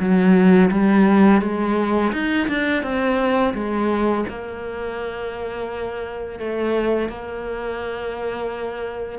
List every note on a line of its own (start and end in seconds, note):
0.00 0.71 F#3
0.71 1.41 G3
1.41 2.12 G#3
2.12 2.48 D#4
2.48 2.83 D4
2.83 3.54 C4
3.54 4.25 G#3
4.29 6.39 A#3
6.39 7.09 A3
7.09 9.19 A#3